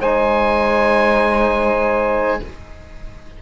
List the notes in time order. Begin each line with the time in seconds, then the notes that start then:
0.00 G#3 D#4 C5 G#5